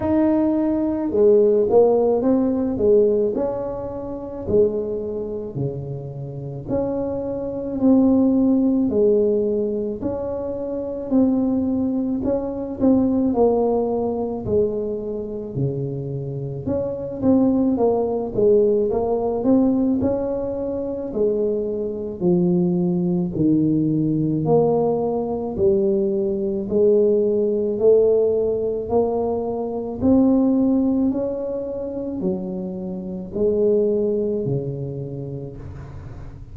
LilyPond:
\new Staff \with { instrumentName = "tuba" } { \time 4/4 \tempo 4 = 54 dis'4 gis8 ais8 c'8 gis8 cis'4 | gis4 cis4 cis'4 c'4 | gis4 cis'4 c'4 cis'8 c'8 | ais4 gis4 cis4 cis'8 c'8 |
ais8 gis8 ais8 c'8 cis'4 gis4 | f4 dis4 ais4 g4 | gis4 a4 ais4 c'4 | cis'4 fis4 gis4 cis4 | }